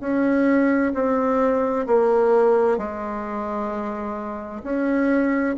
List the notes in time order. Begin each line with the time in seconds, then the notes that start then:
0.00 C#4
0.94 C4
1.86 A#3
2.77 G#3
4.63 C#4